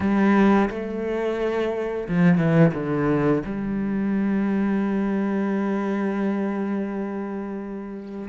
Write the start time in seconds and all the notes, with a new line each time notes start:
0.00 G3
0.70 A3
2.08 F3
2.38 E3
2.74 D3
3.45 G3